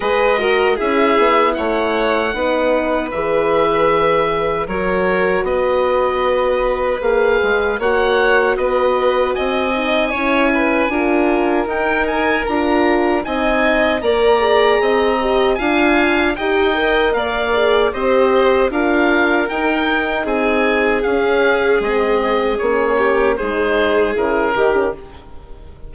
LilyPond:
<<
  \new Staff \with { instrumentName = "oboe" } { \time 4/4 \tempo 4 = 77 dis''4 e''4 fis''2 | e''2 cis''4 dis''4~ | dis''4 f''4 fis''4 dis''4 | gis''2. g''8 gis''8 |
ais''4 gis''4 ais''2 | gis''4 g''4 f''4 dis''4 | f''4 g''4 gis''4 f''4 | dis''4 cis''4 c''4 ais'4 | }
  \new Staff \with { instrumentName = "violin" } { \time 4/4 b'8 ais'8 gis'4 cis''4 b'4~ | b'2 ais'4 b'4~ | b'2 cis''4 b'4 | dis''4 cis''8 b'8 ais'2~ |
ais'4 dis''4 d''4 dis''4 | f''4 dis''4 d''4 c''4 | ais'2 gis'2~ | gis'4. g'8 gis'4. g'8 | }
  \new Staff \with { instrumentName = "horn" } { \time 4/4 gis'8 fis'8 e'2 dis'4 | gis'2 fis'2~ | fis'4 gis'4 fis'2~ | fis'8 dis'8 e'4 f'4 dis'4 |
f'4 dis'4 ais'8 gis'4 g'8 | f'4 g'8 ais'4 gis'8 g'4 | f'4 dis'2 cis'4 | c'4 cis'4 dis'4 e'8 dis'16 cis'16 | }
  \new Staff \with { instrumentName = "bassoon" } { \time 4/4 gis4 cis'8 b8 a4 b4 | e2 fis4 b4~ | b4 ais8 gis8 ais4 b4 | c'4 cis'4 d'4 dis'4 |
d'4 c'4 ais4 c'4 | d'4 dis'4 ais4 c'4 | d'4 dis'4 c'4 cis'4 | gis4 ais4 gis4 cis8 dis8 | }
>>